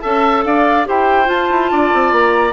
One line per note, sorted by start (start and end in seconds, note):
0.00 0.44 C#4
0.00 0.85 A4
0.00 0.44 E5
0.00 0.42 A5
0.44 0.86 D4
0.44 0.88 D5
0.44 0.86 F5
0.85 1.28 E4
0.85 1.25 G4
0.85 1.71 C5
0.85 1.29 G5
1.25 2.51 F4
1.25 1.49 F4
1.25 2.12 A5
1.50 1.71 E4
1.71 1.92 D4
1.71 2.53 D5
1.93 2.12 C4
2.12 2.53 A#3
2.12 2.53 A#5